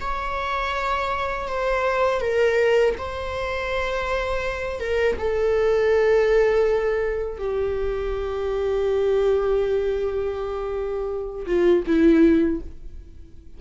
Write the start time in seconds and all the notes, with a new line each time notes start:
0.00 C#5
1.48 C5
2.21 A#4
2.98 C5
4.80 A#4
5.18 A4
7.38 G4
11.46 F4
11.87 E4